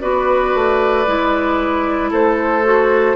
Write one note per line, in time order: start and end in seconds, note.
0.00 0.54 B3
0.00 1.05 F#4
0.00 2.11 B4
0.00 2.11 D5
0.54 1.07 A3
1.06 2.11 G#3
1.06 2.64 E4
2.11 3.16 A3
2.11 3.16 A4
2.11 3.16 C5
2.64 3.16 F#4